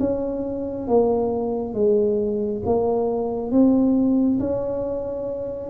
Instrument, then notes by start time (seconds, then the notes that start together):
tuba
0.00 C#4
0.87 A#3
1.74 G#3
2.66 A#3
3.51 C4
4.40 C#4